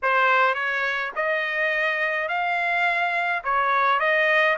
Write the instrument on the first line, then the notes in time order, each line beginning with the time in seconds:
trumpet
0.02 C5
0.54 C#5
1.15 D#5
2.28 F5
3.44 C#5
3.99 D#5